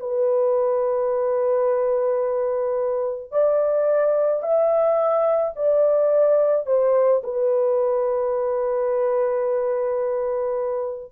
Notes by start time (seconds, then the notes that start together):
0.00 B4
3.32 D5
4.43 E5
5.56 D5
6.66 C5
7.24 B4